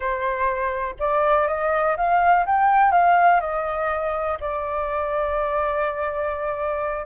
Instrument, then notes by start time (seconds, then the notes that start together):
flute
0.00 C5
0.99 D5
1.47 D#5
1.96 F5
2.45 G5
2.91 F5
3.40 D#5
4.40 D5